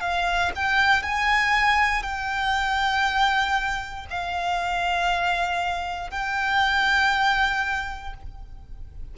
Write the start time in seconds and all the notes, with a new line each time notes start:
0.00 F5
0.55 G5
1.02 G#5
2.02 G5
4.10 F5
6.10 G5